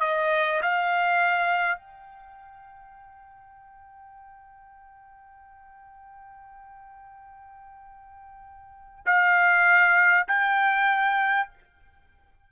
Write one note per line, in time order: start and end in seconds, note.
0.00 0.61 D#5
0.62 1.77 F5
1.77 9.04 G5
9.05 10.26 F5
10.28 11.49 G5